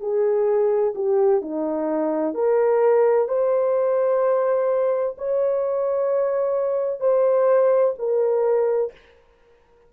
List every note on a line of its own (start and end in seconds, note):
0.00 0.94 G#4
0.95 1.41 G4
1.41 2.34 D#4
2.34 3.28 A#4
3.28 5.16 C5
5.17 7.00 C#5
7.00 7.94 C5
7.98 8.92 A#4